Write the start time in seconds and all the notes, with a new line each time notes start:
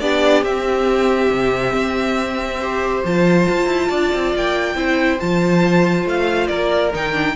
0.00 B3 D4 G4 D5
0.42 C4 E5
1.30 C3
1.73 C4
2.59 G4 C5
3.04 F3 F4 A5
3.48 F4
3.66 E4
3.88 D4 D5
4.13 C4
4.35 A#3 G5
4.75 C4 E4 C5
5.19 F3 F4 A5
6.05 A3 F5
6.47 A#3 A#4 D5
6.93 D#3 D#4 G5
7.13 D4